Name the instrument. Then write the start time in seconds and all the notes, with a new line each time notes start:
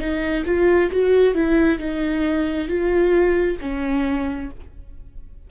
viola
0.00 D#4
0.46 F4
0.92 F#4
1.35 E4
1.80 D#4
2.68 F4
3.61 C#4